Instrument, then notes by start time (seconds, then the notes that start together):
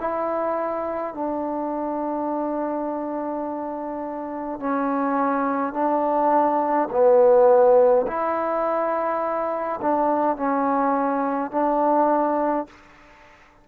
trombone
0.00 E4
1.14 D4
4.59 C#4
5.73 D4
6.91 B3
8.07 E4
9.81 D4
10.36 C#4
11.51 D4